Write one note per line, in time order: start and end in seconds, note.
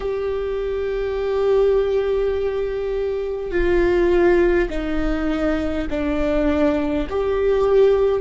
0.00 3.51 G4
3.51 4.68 F4
4.70 5.87 D#4
5.90 7.07 D4
7.09 8.21 G4